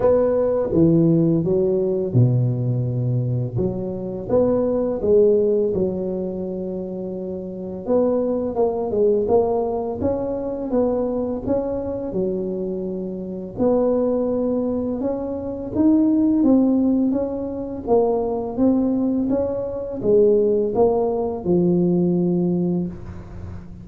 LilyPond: \new Staff \with { instrumentName = "tuba" } { \time 4/4 \tempo 4 = 84 b4 e4 fis4 b,4~ | b,4 fis4 b4 gis4 | fis2. b4 | ais8 gis8 ais4 cis'4 b4 |
cis'4 fis2 b4~ | b4 cis'4 dis'4 c'4 | cis'4 ais4 c'4 cis'4 | gis4 ais4 f2 | }